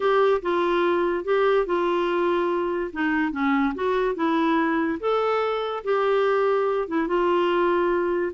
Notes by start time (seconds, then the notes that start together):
0.00 G4
0.42 F4
1.24 G4
1.66 F4
2.93 D#4
3.32 C#4
3.74 F#4
4.15 E4
5.00 A4
5.84 G4
6.87 E4
7.07 F4